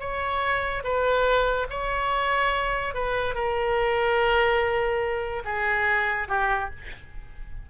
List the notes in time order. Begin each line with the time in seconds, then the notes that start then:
0.00 C#5
0.84 B4
1.70 C#5
2.94 B4
3.35 A#4
5.45 G#4
6.28 G4